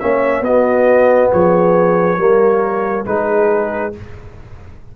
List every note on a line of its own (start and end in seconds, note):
0.00 0.41 A#3
0.00 0.44 C#4
0.00 0.45 C#5
0.00 0.43 E5
0.41 1.28 B3
0.41 2.18 B3
0.41 1.32 F#4
0.41 1.31 D#5
1.32 2.18 F3
1.32 2.18 G#4
1.32 3.06 C#5
2.18 3.05 G3
2.18 3.05 A#3
2.18 3.05 A#4
3.06 3.93 G#3
3.06 3.93 D#4
3.06 3.96 G#4
3.06 3.93 B4